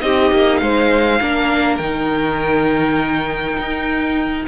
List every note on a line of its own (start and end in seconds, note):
0.00 0.31 C4
0.00 1.20 D#4
0.00 0.63 G4
0.00 0.57 D#5
0.31 0.61 A#3
0.57 1.20 G#3
0.57 1.21 C5
0.57 1.76 F5
1.21 1.79 A#3
1.21 1.80 D4
1.21 4.48 A#4
1.77 3.57 D#3
1.77 4.48 D#4
1.77 4.44 G5
3.58 4.47 D#4